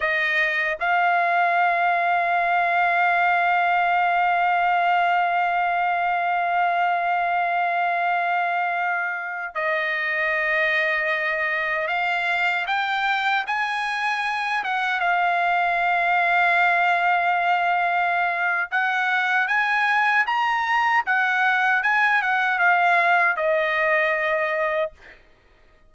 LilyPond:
\new Staff \with { instrumentName = "trumpet" } { \time 4/4 \tempo 4 = 77 dis''4 f''2.~ | f''1~ | f''1~ | f''16 dis''2. f''8.~ |
f''16 g''4 gis''4. fis''8 f''8.~ | f''1 | fis''4 gis''4 ais''4 fis''4 | gis''8 fis''8 f''4 dis''2 | }